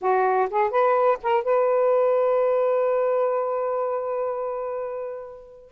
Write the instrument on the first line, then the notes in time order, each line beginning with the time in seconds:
saxophone
0.01 F#4
0.50 G#4
0.70 B4
1.23 A#4
1.43 B4